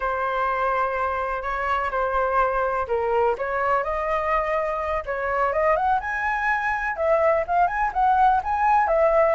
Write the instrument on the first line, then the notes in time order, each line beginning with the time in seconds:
flute
0.00 C5
1.42 C#5
1.90 C5
2.87 A#4
3.38 C#5
3.83 D#5
5.05 C#5
5.52 D#5
5.76 F#5
6.00 G#5
6.96 E5
7.47 F5
7.67 G#5
7.93 F#5
8.43 G#5
8.87 E5